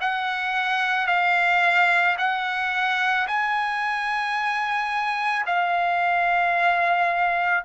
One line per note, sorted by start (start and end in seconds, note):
0.00 1.07 F#5
1.07 2.16 F5
2.18 3.27 F#5
3.27 5.45 G#5
5.46 7.64 F5